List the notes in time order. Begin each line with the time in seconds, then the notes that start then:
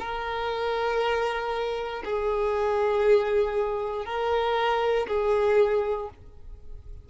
0.00 A#4
2.05 G#4
4.06 A#4
5.08 G#4